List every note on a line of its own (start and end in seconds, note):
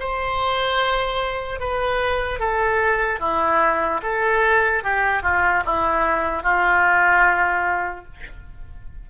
0.00 1.60 C5
1.60 2.40 B4
2.40 3.20 A4
3.20 4.01 E4
4.03 4.84 A4
4.84 5.23 G4
5.23 5.64 F4
5.66 6.43 E4
6.43 8.05 F4